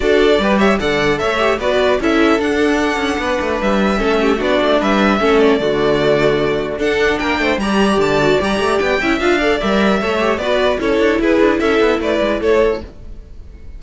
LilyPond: <<
  \new Staff \with { instrumentName = "violin" } { \time 4/4 \tempo 4 = 150 d''4. e''8 fis''4 e''4 | d''4 e''4 fis''2~ | fis''4 e''2 d''4 | e''4. d''2~ d''8~ |
d''4 fis''4 g''4 ais''4 | a''4 ais''4 g''4 f''4 | e''2 d''4 cis''4 | b'4 e''4 d''4 cis''4 | }
  \new Staff \with { instrumentName = "violin" } { \time 4/4 a'4 b'8 cis''8 d''4 cis''4 | b'4 a'2. | b'2 a'8 g'8 fis'4 | b'4 a'4 fis'2~ |
fis'4 a'4 ais'8 c''8 d''4~ | d''2~ d''8 e''4 d''8~ | d''4 cis''4 b'4 a'4 | gis'4 a'4 b'4 a'4 | }
  \new Staff \with { instrumentName = "viola" } { \time 4/4 fis'4 g'4 a'4. g'8 | fis'4 e'4 d'2~ | d'2 cis'4 d'4~ | d'4 cis'4 a2~ |
a4 d'2 g'4~ | g'8 fis'8 g'4. e'8 f'8 a'8 | ais'4 a'8 g'8 fis'4 e'4~ | e'1 | }
  \new Staff \with { instrumentName = "cello" } { \time 4/4 d'4 g4 d4 a4 | b4 cis'4 d'4. cis'8 | b8 a8 g4 a4 b8 a8 | g4 a4 d2~ |
d4 d'4 ais8 a8 g4 | d4 g8 a8 b8 cis'8 d'4 | g4 a4 b4 cis'8 d'8 | e'8 d'8 cis'8 b8 a8 gis8 a4 | }
>>